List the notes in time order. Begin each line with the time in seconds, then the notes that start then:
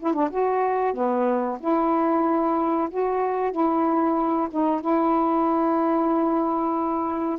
0.00 E4
0.14 D4
0.31 F#4
0.94 B3
1.60 E4
2.91 F#4
3.52 E4
4.51 D#4
4.81 E4